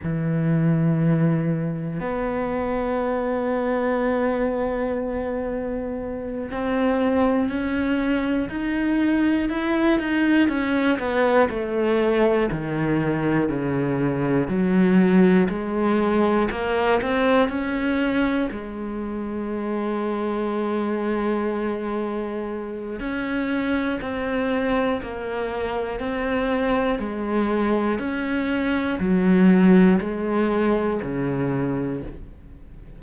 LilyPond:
\new Staff \with { instrumentName = "cello" } { \time 4/4 \tempo 4 = 60 e2 b2~ | b2~ b8 c'4 cis'8~ | cis'8 dis'4 e'8 dis'8 cis'8 b8 a8~ | a8 dis4 cis4 fis4 gis8~ |
gis8 ais8 c'8 cis'4 gis4.~ | gis2. cis'4 | c'4 ais4 c'4 gis4 | cis'4 fis4 gis4 cis4 | }